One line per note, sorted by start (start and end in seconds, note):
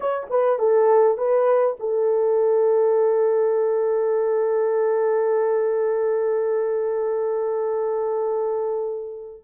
0.00 0.27 C#5
0.29 0.59 B4
0.59 1.17 A4
1.17 1.76 B4
1.79 9.44 A4